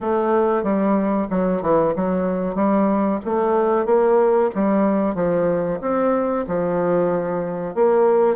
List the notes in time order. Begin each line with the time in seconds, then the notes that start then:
0.00 A3
0.63 G3
1.30 F#3
1.61 E3
1.95 F#3
2.55 G3
3.25 A3
3.85 A#3
4.54 G3
5.14 F3
5.81 C4
6.47 F3
7.74 A#3